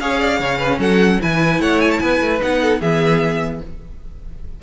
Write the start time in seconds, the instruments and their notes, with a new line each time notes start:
0.00 cello C#4, viola G#4, violin C#5 F5
0.20 violin D5
0.40 cello C#3, viola C#4, violin C#5
0.59 violin B4
0.79 cello F#3, violin A4 F#5
1.21 cello E3, viola E4, violin B4 G#5
1.60 cello A3, violin C#5 F#5
1.81 violin G#5
1.91 violin A5
1.99 cello B3, violin B4 G#5
2.21 cello A3
2.40 cello B3, viola D#4, violin F#5
2.62 violin A4
2.80 cello E3, viola B3, violin G#4 E5